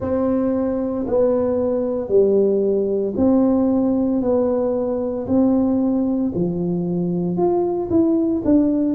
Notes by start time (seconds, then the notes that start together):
0.00 C4
1.07 B3
2.08 G3
3.16 C4
4.21 B3
5.27 C4
6.34 F3
7.36 F4
7.89 E4
8.44 D4